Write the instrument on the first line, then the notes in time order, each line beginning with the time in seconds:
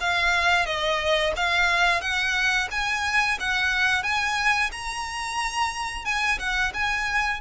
violin
0.00 F5
0.66 D#5
1.36 F5
2.01 F#5
2.71 G#5
3.40 F#5
4.03 G#5
4.72 A#5
6.05 G#5
6.39 F#5
6.74 G#5